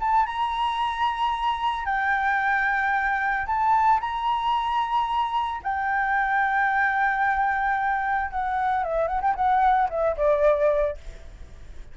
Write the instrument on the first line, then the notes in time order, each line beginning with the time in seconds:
flute
0.00 A5
0.26 A#5
1.85 G5
3.46 A5
4.01 A#5
5.63 G5
8.31 F#5
8.84 E5
9.08 F#5
9.21 G5
9.35 F#5
9.90 E5
10.17 D5